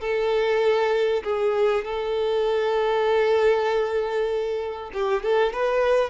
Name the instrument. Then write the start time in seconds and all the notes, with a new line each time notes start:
violin
0.00 A4
1.23 G#4
1.85 A4
4.93 G4
5.23 A4
5.52 B4